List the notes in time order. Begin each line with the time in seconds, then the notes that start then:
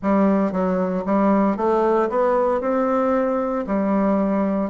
0.02 G3
0.51 F#3
1.05 G3
1.57 A3
2.09 B3
2.60 C4
3.66 G3